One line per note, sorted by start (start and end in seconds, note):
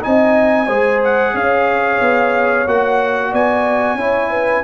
0.00 0.67 C4
0.00 0.66 D#4
0.00 0.66 D#5
0.00 1.02 G#5
0.66 1.33 G#3
0.66 2.66 G#4
0.66 1.32 C5
1.03 1.36 F#5
1.34 1.99 C#4
1.34 3.31 C#5
1.34 2.68 F5
2.00 2.66 B3
2.67 3.32 A#3
2.67 3.98 F#4
2.67 3.34 F#5
3.31 3.94 B3
3.31 3.97 D5
3.31 4.63 G#5
3.94 4.60 C#4
3.94 4.63 E4
3.94 4.30 C#5
4.30 4.63 B4